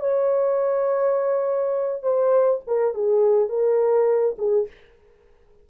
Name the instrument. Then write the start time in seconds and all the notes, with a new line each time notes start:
horn
0.00 C#5
2.03 C5
2.67 A#4
2.94 G#4
3.49 A#4
4.38 G#4